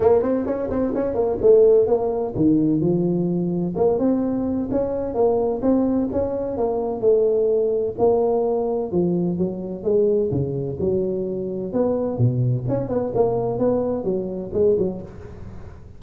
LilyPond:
\new Staff \with { instrumentName = "tuba" } { \time 4/4 \tempo 4 = 128 ais8 c'8 cis'8 c'8 cis'8 ais8 a4 | ais4 dis4 f2 | ais8 c'4. cis'4 ais4 | c'4 cis'4 ais4 a4~ |
a4 ais2 f4 | fis4 gis4 cis4 fis4~ | fis4 b4 b,4 cis'8 b8 | ais4 b4 fis4 gis8 fis8 | }